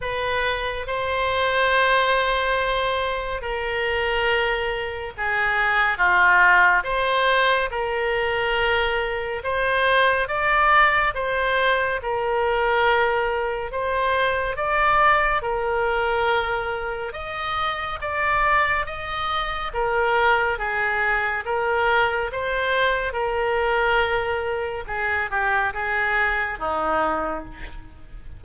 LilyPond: \new Staff \with { instrumentName = "oboe" } { \time 4/4 \tempo 4 = 70 b'4 c''2. | ais'2 gis'4 f'4 | c''4 ais'2 c''4 | d''4 c''4 ais'2 |
c''4 d''4 ais'2 | dis''4 d''4 dis''4 ais'4 | gis'4 ais'4 c''4 ais'4~ | ais'4 gis'8 g'8 gis'4 dis'4 | }